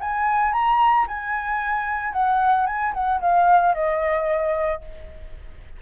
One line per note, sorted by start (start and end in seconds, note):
0.00 0.53 G#5
0.53 1.06 A#5
1.07 2.13 G#5
2.13 2.66 F#5
2.66 2.93 G#5
2.93 3.20 F#5
3.21 3.74 F5
3.74 4.81 D#5